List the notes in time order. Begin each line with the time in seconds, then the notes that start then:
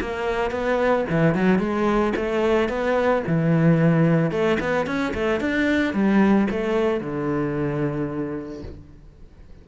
0.00 A#3
0.51 B3
1.09 E3
1.34 F#3
1.59 G#3
2.16 A3
2.69 B3
3.27 E3
4.31 A3
4.60 B3
4.86 C#4
5.14 A3
5.40 D4
5.94 G3
6.50 A3
7.00 D3